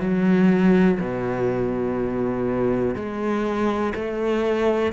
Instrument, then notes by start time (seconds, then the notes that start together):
cello
0.00 F#3
1.00 B2
2.95 G#3
3.94 A3